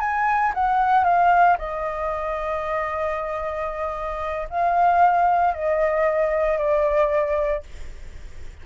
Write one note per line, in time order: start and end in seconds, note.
0.00 0.53 G#5
0.54 1.04 F#5
1.04 1.57 F5
1.58 4.48 D#5
4.50 5.54 F5
5.54 6.58 D#5
6.58 7.63 D5